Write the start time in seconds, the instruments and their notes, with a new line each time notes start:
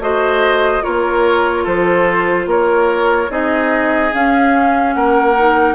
0.00 bassoon A3, clarinet F#4, oboe C5, flute D#5
0.82 bassoon A#3, clarinet F4, oboe A#4, flute C#5
1.64 bassoon F3, oboe A4, flute C5
2.47 bassoon A#3, oboe A#4, flute C#5
3.29 bassoon C4, clarinet D#4, oboe G#4, flute D#5
4.13 clarinet C#4, bassoon C#4, flute F5
4.94 bassoon A#3, oboe A#4, flute F#5
5.38 clarinet D#4